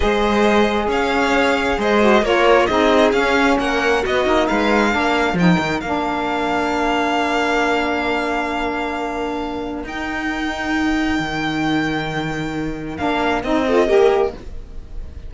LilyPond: <<
  \new Staff \with { instrumentName = "violin" } { \time 4/4 \tempo 4 = 134 dis''2 f''2 | dis''4 cis''4 dis''4 f''4 | fis''4 dis''4 f''2 | g''4 f''2.~ |
f''1~ | f''2 g''2~ | g''1~ | g''4 f''4 dis''2 | }
  \new Staff \with { instrumentName = "violin" } { \time 4/4 c''2 cis''2 | c''4 ais'4 gis'2 | ais'4 fis'4 b'4 ais'4~ | ais'1~ |
ais'1~ | ais'1~ | ais'1~ | ais'2~ ais'8 a'8 ais'4 | }
  \new Staff \with { instrumentName = "saxophone" } { \time 4/4 gis'1~ | gis'8 fis'8 f'4 dis'4 cis'4~ | cis'4 b8 dis'4. d'4 | dis'4 d'2.~ |
d'1~ | d'2 dis'2~ | dis'1~ | dis'4 d'4 dis'8 f'8 g'4 | }
  \new Staff \with { instrumentName = "cello" } { \time 4/4 gis2 cis'2 | gis4 ais4 c'4 cis'4 | ais4 b8 ais8 gis4 ais4 | f8 dis8 ais2.~ |
ais1~ | ais2 dis'2~ | dis'4 dis2.~ | dis4 ais4 c'4 ais4 | }
>>